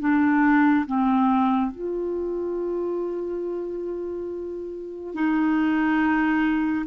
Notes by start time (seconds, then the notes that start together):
0.00 D4
0.86 C4
1.71 F4
5.15 D#4